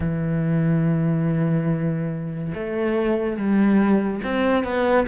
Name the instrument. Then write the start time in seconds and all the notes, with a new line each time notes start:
cello
0.00 E3
2.54 A3
3.36 G3
4.23 C4
4.64 B3